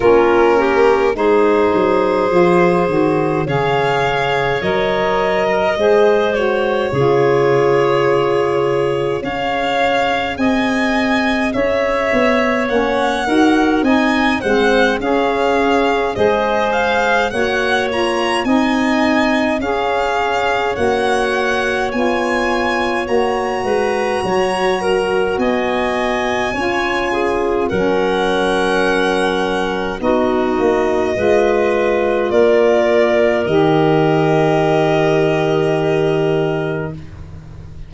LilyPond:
<<
  \new Staff \with { instrumentName = "violin" } { \time 4/4 \tempo 4 = 52 ais'4 c''2 f''4 | dis''4. cis''2~ cis''8 | f''4 gis''4 e''4 fis''4 | gis''8 fis''8 f''4 dis''8 f''8 fis''8 ais''8 |
gis''4 f''4 fis''4 gis''4 | ais''2 gis''2 | fis''2 dis''2 | d''4 dis''2. | }
  \new Staff \with { instrumentName = "clarinet" } { \time 4/4 f'8 g'8 gis'2 cis''4~ | cis''8. ais'16 c''4 gis'2 | cis''4 dis''4 cis''4. ais'8 | dis''8 c''8 gis'4 c''4 cis''4 |
dis''4 cis''2.~ | cis''8 b'8 cis''8 ais'8 dis''4 cis''8 gis'8 | ais'2 fis'4 b'4 | ais'1 | }
  \new Staff \with { instrumentName = "saxophone" } { \time 4/4 cis'4 dis'4 f'8 fis'8 gis'4 | ais'4 gis'8 fis'8 f'2 | gis'2. cis'8 fis'8 | dis'8 c'8 cis'4 gis'4 fis'8 f'8 |
dis'4 gis'4 fis'4 f'4 | fis'2. f'4 | cis'2 dis'4 f'4~ | f'4 g'2. | }
  \new Staff \with { instrumentName = "tuba" } { \time 4/4 ais4 gis8 fis8 f8 dis8 cis4 | fis4 gis4 cis2 | cis'4 c'4 cis'8 b8 ais8 dis'8 | c'8 gis8 cis'4 gis4 ais4 |
c'4 cis'4 ais4 b4 | ais8 gis8 fis4 b4 cis'4 | fis2 b8 ais8 gis4 | ais4 dis2. | }
>>